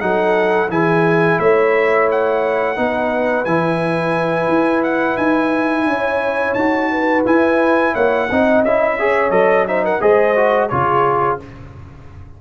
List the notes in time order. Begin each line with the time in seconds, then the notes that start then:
0.00 F#3 D#4 A4 F#5
0.70 E3 E4 G#4 G#5
1.40 A3 C#5 E5
2.12 F#5
2.76 B3 D#4 B4
3.45 E3 E4 G#5
4.48 E4
4.84 F#5
5.17 D#4 G#5
5.86 C#4 C#5
6.54 D#4 F#4 A5
6.92 B4
7.26 E4 G#5
7.94 A#3 C#5 F#5
8.31 C4 D#4 D#5
8.63 C#4 E4 E5
8.99 G#4 C#5
9.31 F#3 A4 D#5
9.68 D#4 C5 E5
9.84 A#4 F#5
10.01 G#3 G#4 C5 D#5
10.36 F#4
10.69 C#3 F4 G#4 C#5